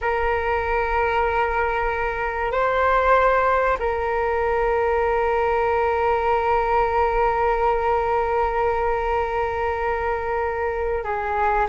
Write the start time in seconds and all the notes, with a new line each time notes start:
0.01 A#4
2.51 C5
3.79 A#4
11.04 G#4